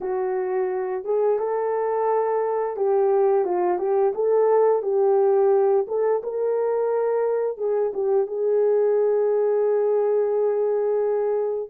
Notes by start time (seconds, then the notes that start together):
0.01 F#4
1.04 G#4
1.38 A4
2.76 G4
3.45 F4
3.78 G4
4.14 A4
4.82 G4
5.87 A4
6.23 A#4
7.57 G#4
7.93 G4
8.27 G#4